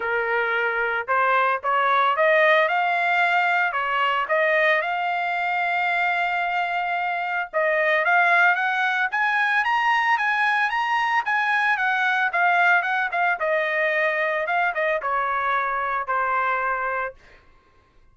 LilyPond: \new Staff \with { instrumentName = "trumpet" } { \time 4/4 \tempo 4 = 112 ais'2 c''4 cis''4 | dis''4 f''2 cis''4 | dis''4 f''2.~ | f''2 dis''4 f''4 |
fis''4 gis''4 ais''4 gis''4 | ais''4 gis''4 fis''4 f''4 | fis''8 f''8 dis''2 f''8 dis''8 | cis''2 c''2 | }